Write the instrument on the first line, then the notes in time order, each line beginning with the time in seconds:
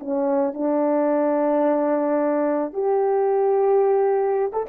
horn
0.00 C#4
0.54 D4
2.73 G4
4.53 A4